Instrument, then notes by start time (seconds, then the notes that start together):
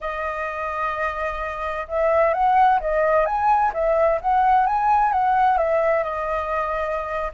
flute
0.01 D#5
1.88 E5
2.33 F#5
2.80 D#5
3.25 G#5
3.73 E5
4.21 F#5
4.66 G#5
5.12 F#5
5.57 E5
6.03 D#5